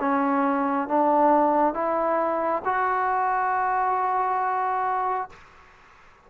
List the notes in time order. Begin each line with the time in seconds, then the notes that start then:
0.00 C#4
0.88 D4
1.74 E4
2.65 F#4